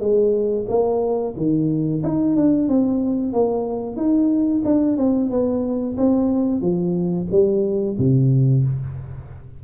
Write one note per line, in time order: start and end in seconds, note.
0.00 0.66 G#3
0.69 1.35 A#3
1.37 2.03 D#3
2.03 2.36 D#4
2.36 2.69 D4
2.69 3.33 C4
3.33 3.97 A#3
3.97 4.62 D#4
4.65 4.98 D4
4.98 5.30 C4
5.31 5.97 B3
5.98 6.61 C4
6.61 7.27 F3
7.32 7.98 G3
7.98 8.64 C3